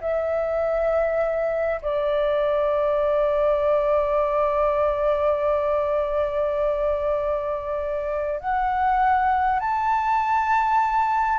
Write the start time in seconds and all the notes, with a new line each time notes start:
0.00 E5
1.81 D5
8.40 F#5
9.59 A5